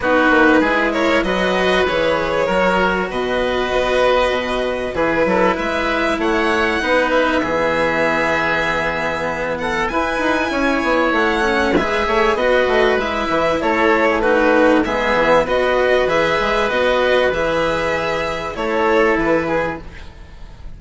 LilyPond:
<<
  \new Staff \with { instrumentName = "violin" } { \time 4/4 \tempo 4 = 97 b'4. cis''8 dis''4 cis''4~ | cis''4 dis''2. | b'4 e''4 fis''4. e''8~ | e''2.~ e''8 fis''8 |
gis''2 fis''4 e''4 | dis''4 e''4 cis''4 b'4 | e''4 dis''4 e''4 dis''4 | e''2 cis''4 b'4 | }
  \new Staff \with { instrumentName = "oboe" } { \time 4/4 fis'4 gis'8 ais'8 b'2 | ais'4 b'2. | gis'8 a'8 b'4 cis''4 b'4 | gis'2.~ gis'8 a'8 |
b'4 cis''2 b'8 cis''8 | b'2 a'8. gis'16 fis'4 | gis'4 b'2.~ | b'2 a'4. gis'8 | }
  \new Staff \with { instrumentName = "cello" } { \time 4/4 dis'4 e'4 fis'4 gis'4 | fis'1 | e'2. dis'4 | b1 |
e'2~ e'8 cis'8 gis'4 | fis'4 e'2 dis'4 | b4 fis'4 gis'4 fis'4 | gis'2 e'2 | }
  \new Staff \with { instrumentName = "bassoon" } { \time 4/4 b8 ais8 gis4 fis4 e4 | fis4 b,4 b4 b,4 | e8 fis8 gis4 a4 b4 | e1 |
e'8 dis'8 cis'8 b8 a4 gis8 a8 | b8 a8 gis8 e8 a2 | gis8 e8 b4 e8 gis8 b4 | e2 a4 e4 | }
>>